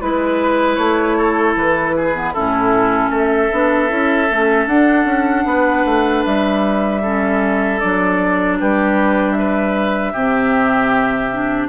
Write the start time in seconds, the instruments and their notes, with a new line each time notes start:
0.00 bassoon G#3, clarinet E4, flute B4, oboe B4
0.75 bassoon A3, flute C#5
1.17 oboe A4
1.55 bassoon E3, flute B4
1.96 oboe G#4
2.14 clarinet B3
2.33 bassoon A2, clarinet C#4, oboe E4, flute A4
3.10 bassoon A3, oboe A4, flute E5
3.51 bassoon B3, clarinet D4
3.88 bassoon C#4, clarinet E4
4.31 bassoon A3, clarinet C#4
4.67 bassoon D4, clarinet D4, flute F#5
5.05 bassoon C#4
5.45 bassoon B3, oboe B4
5.85 bassoon A3
6.24 bassoon G3, flute E5
7.02 clarinet C#4, oboe A4
7.79 bassoon F#3, clarinet D4, flute D5
8.60 bassoon G3, oboe G4, flute B4
9.31 flute E5
9.38 oboe B4
10.12 bassoon C3, clarinet C4, oboe G4
11.32 clarinet D4